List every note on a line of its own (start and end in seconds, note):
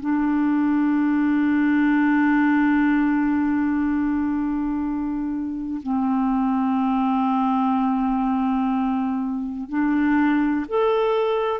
0.00 5.81 D4
5.82 9.69 C4
9.69 10.65 D4
10.68 11.60 A4